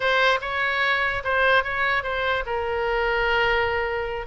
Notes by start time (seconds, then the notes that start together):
0.00 C5
0.41 C#5
1.24 C5
1.63 C#5
2.03 C5
2.46 A#4